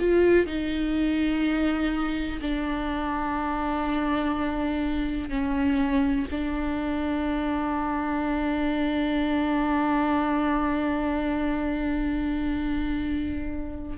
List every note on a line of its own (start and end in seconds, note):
0.00 0.47 F4
0.47 2.40 D#4
2.42 5.30 D4
5.30 6.26 C#4
6.31 13.98 D4